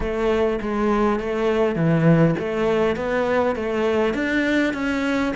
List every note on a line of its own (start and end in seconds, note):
0.00 0.59 A3
0.61 1.19 G#3
1.19 1.75 A3
1.75 2.35 E3
2.38 2.96 A3
2.96 3.55 B3
3.55 4.14 A3
4.14 4.73 D4
4.73 5.33 C#4